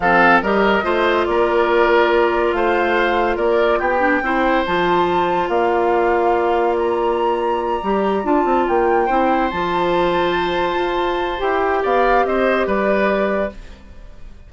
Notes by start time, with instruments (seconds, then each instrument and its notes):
0.00 bassoon F3, clarinet C4, oboe A4, flute F5
0.42 bassoon G3, clarinet G4, oboe A#4, flute D#5
0.82 bassoon A3, clarinet F4, oboe C5
1.25 bassoon A#3, oboe A#4, flute D5
2.52 bassoon A3, oboe C5, flute F5
3.36 bassoon A#3, oboe A#4, flute D5
3.79 bassoon B3, oboe G4, flute G5
3.99 clarinet D4
4.22 bassoon C4, clarinet E4, oboe C5
4.66 bassoon F3, clarinet F4, flute A5
5.48 bassoon A#3, oboe D5, flute F5
6.78 flute A#5
7.82 bassoon G3, clarinet G4
8.23 bassoon D4, clarinet F4, flute A5
8.44 bassoon C4
8.68 bassoon A#3, flute G5
9.05 bassoon C4, clarinet E4, oboe C5
9.50 bassoon F3, clarinet F4, flute A5
10.74 bassoon F4
11.38 bassoon E4, clarinet G4, flute G5
11.82 bassoon B3, oboe D5, flute F5
12.24 bassoon C4, oboe C5, flute D#5
12.66 bassoon G3, oboe B4, flute D5